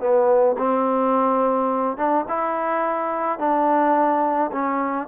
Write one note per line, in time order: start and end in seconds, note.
0.00 0.56 B3
0.58 1.98 C4
1.98 2.26 D4
2.29 3.39 E4
3.39 4.51 D4
4.52 5.08 C#4